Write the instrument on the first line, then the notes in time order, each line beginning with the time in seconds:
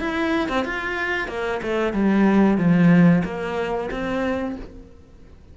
cello
0.00 E4
0.49 C4
0.65 F4
1.28 A#3
1.62 A3
1.93 G3
2.58 F3
3.24 A#3
3.91 C4